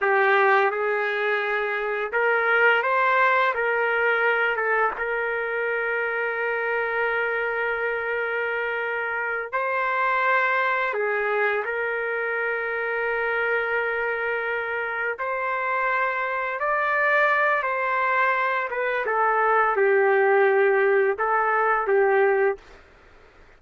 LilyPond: \new Staff \with { instrumentName = "trumpet" } { \time 4/4 \tempo 4 = 85 g'4 gis'2 ais'4 | c''4 ais'4. a'8 ais'4~ | ais'1~ | ais'4. c''2 gis'8~ |
gis'8 ais'2.~ ais'8~ | ais'4. c''2 d''8~ | d''4 c''4. b'8 a'4 | g'2 a'4 g'4 | }